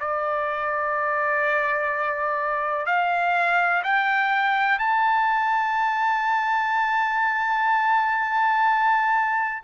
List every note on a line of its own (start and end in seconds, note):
0.00 2.86 D5
2.86 3.83 F5
3.84 4.79 G5
4.79 9.63 A5